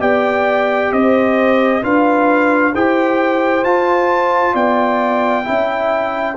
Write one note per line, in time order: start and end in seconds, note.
0.00 0.91 B3
0.00 1.82 G4
0.00 0.93 D5
0.00 0.93 G5
0.92 1.83 C4
0.92 1.83 C5
0.92 1.84 D#5
1.83 2.74 D4
1.83 2.73 F4
1.83 2.73 B4
1.83 2.75 F5
2.73 3.64 E4
2.73 3.64 G4
2.73 4.54 C5
2.73 3.65 G5
3.64 4.55 F4
3.64 5.45 F4
3.64 4.55 A5
4.54 5.45 B3
4.54 5.45 D5
4.54 6.37 G5
5.45 6.37 C#4
5.45 6.35 E4
5.45 6.37 E5